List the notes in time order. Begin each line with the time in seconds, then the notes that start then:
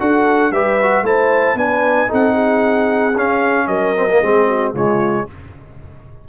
0.00 D4 F#4 A4 F#5
0.51 G3 G4 B4 E5
0.82 F#4
1.03 A3 E4 C5 A5
1.55 B3 D4 B4 G#5
2.08 C4 D#4 A4 F#5
2.34 G#4
3.17 C#4 F5
3.68 F#3 A#4 D#5
3.96 C4
4.10 A#3
4.21 G#3 C4 G#4
4.47 F#4
4.74 C#3 G#3 F4 C#5